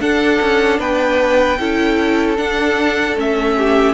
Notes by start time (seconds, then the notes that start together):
0.00 D4 A4 F#5
0.42 C#4
0.79 B3 B4 G5
1.59 C#4 E4 A4
2.37 D4 F#5
3.16 A3 C#4 E5
3.57 G4